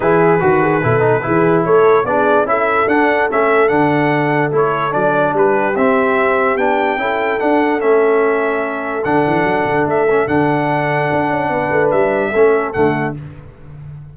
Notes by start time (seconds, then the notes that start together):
0.00 E3 E4 G#4 B4
0.40 D#3 F#4
0.61 G#4
0.83 B2 E4 A4
1.00 D#4
1.22 E3 E4 G#4
1.64 A3 A4 C#5
2.04 B3 D4 G#4 D5
2.43 C#4 E4 A4 E5
2.86 D4 F#5
3.30 A3 C#4 E5
3.68 D3 D4 F#5
4.51 A3 E4 C#5
4.91 F#3 D4 D5
5.33 G3 G4 B4
5.75 C4 E5
6.56 B3 D4 G5
6.96 C#4 E4 A4
7.39 D4 F#5
7.79 A3 C#4 E5
9.04 D3 D4 F#5
9.26 E3
9.43 F#3
9.65 D3
9.85 A3 E5
10.09 C#4
10.27 D3 D4 F#5
11.12 D4
11.30 C#4
11.49 B3 B4
11.71 A3
11.90 G3 E5
12.30 A3 C#4 A4
12.73 D3 A3 F#5